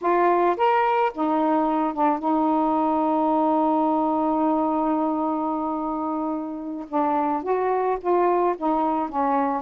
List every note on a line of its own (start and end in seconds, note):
0.01 0.56 F4
0.57 1.12 A#4
1.14 1.93 D#4
1.93 2.18 D4
2.18 6.86 D#4
6.88 7.42 D4
7.42 7.97 F#4
8.00 8.55 F4
8.57 9.09 D#4
9.09 9.62 C#4